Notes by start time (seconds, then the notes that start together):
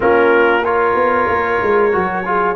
0.00 A#3 C#4 F4 A#4
0.64 F4 A#4 C#5
0.94 B3
1.27 A#3
1.62 G#3
1.92 F#3 F#4
2.25 F4 G#4